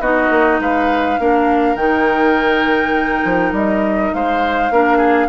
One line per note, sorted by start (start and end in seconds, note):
0.00 0.29 B3
0.00 1.19 D#4
0.00 0.60 F#4
0.00 0.60 D#5
0.30 0.59 A#3
0.60 1.18 G#3
0.60 1.20 B4
0.60 1.77 F5
1.19 1.75 A#3
1.19 1.77 D4
1.19 4.14 A#4
1.75 3.22 D#3
1.75 4.71 D#4
1.75 3.53 G5
3.25 3.52 F3
3.52 4.11 G3
3.52 4.14 D#5
4.14 4.71 G#3
4.14 4.73 C5
4.14 5.29 F5
4.71 5.29 A#3
4.71 5.29 D4
4.71 4.98 A#4
4.98 5.27 G#4